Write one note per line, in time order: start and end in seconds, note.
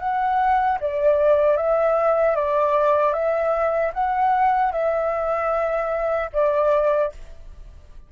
0.00 0.79 F#5
0.81 1.57 D5
1.57 2.36 E5
2.36 3.14 D5
3.14 3.93 E5
3.94 4.73 F#5
4.73 6.31 E5
6.33 7.12 D5